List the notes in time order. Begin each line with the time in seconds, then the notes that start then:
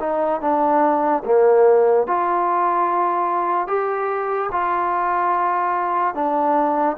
0.00 D#4
0.41 D4
1.25 A#3
2.07 F4
3.67 G4
4.52 F4
6.15 D4